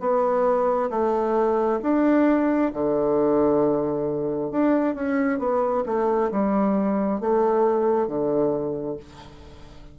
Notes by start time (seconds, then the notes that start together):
0.00 B3
0.90 A3
1.82 D4
2.73 D3
4.51 D4
4.95 C#4
5.39 B3
5.86 A3
6.31 G3
7.20 A3
8.07 D3